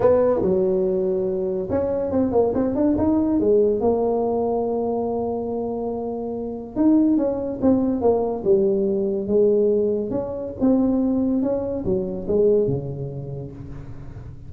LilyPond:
\new Staff \with { instrumentName = "tuba" } { \time 4/4 \tempo 4 = 142 b4 fis2. | cis'4 c'8 ais8 c'8 d'8 dis'4 | gis4 ais2.~ | ais1 |
dis'4 cis'4 c'4 ais4 | g2 gis2 | cis'4 c'2 cis'4 | fis4 gis4 cis2 | }